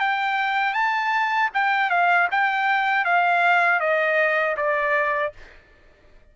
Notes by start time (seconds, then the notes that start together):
0.00 G5
0.74 A5
1.54 G5
1.90 F5
2.31 G5
3.05 F5
3.80 D#5
4.57 D5